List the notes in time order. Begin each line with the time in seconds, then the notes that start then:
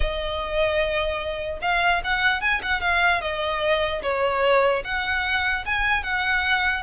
0.00 D#5
1.61 F5
2.04 F#5
2.41 G#5
2.62 F#5
2.80 F5
3.21 D#5
4.02 C#5
4.84 F#5
5.65 G#5
6.03 F#5